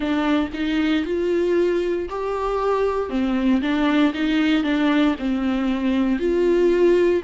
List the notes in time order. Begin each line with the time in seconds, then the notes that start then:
0.00 D4
0.53 D#4
1.05 F4
2.09 G4
3.09 C4
3.61 D4
4.14 D#4
4.63 D4
5.18 C4
6.19 F4